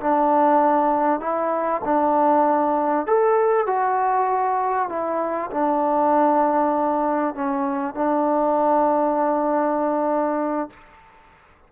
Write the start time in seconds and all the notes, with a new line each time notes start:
0.00 D4
1.20 E4
1.84 D4
3.06 A4
3.66 F#4
4.89 E4
5.51 D4
7.34 C#4
7.94 D4